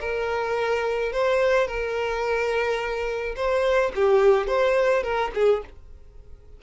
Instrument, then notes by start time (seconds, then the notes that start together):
violin
0.00 A#4
1.12 C5
1.67 A#4
3.36 C5
3.95 G4
4.47 C5
5.03 A#4
5.34 G#4